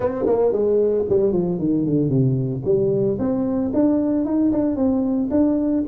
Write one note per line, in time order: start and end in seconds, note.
0.00 0.25 C4
0.26 0.52 A#3
0.52 1.05 G#3
1.09 1.32 G3
1.32 1.58 F3
1.59 1.85 D#3
1.85 2.09 D3
2.09 2.62 C3
2.65 3.18 G3
3.18 3.71 C4
3.73 4.25 D4
4.25 4.51 D#4
4.52 4.76 D4
4.76 5.29 C4
5.30 5.84 D4